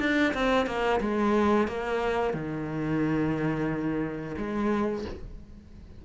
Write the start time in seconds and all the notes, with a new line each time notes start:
0.00 D4
0.34 C4
0.66 A#3
1.01 G#3
1.68 A#3
2.34 D#3
4.38 G#3